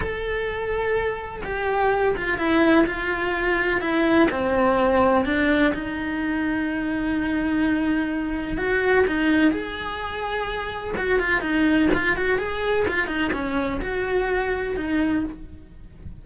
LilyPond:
\new Staff \with { instrumentName = "cello" } { \time 4/4 \tempo 4 = 126 a'2. g'4~ | g'8 f'8 e'4 f'2 | e'4 c'2 d'4 | dis'1~ |
dis'2 fis'4 dis'4 | gis'2. fis'8 f'8 | dis'4 f'8 fis'8 gis'4 f'8 dis'8 | cis'4 fis'2 dis'4 | }